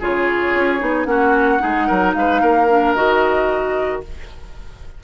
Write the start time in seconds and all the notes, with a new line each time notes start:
0.00 C#3 F4 G#4 C#5
0.55 C#4
0.80 B3 D#4
1.04 A#3 C#4 F#4 F#5
1.59 G#3 D#4 G#4
1.87 F#3 A#4
2.14 G#3 B4 F5
2.42 A#3 A#4
2.70 D4
2.94 D#3 F#4 D#5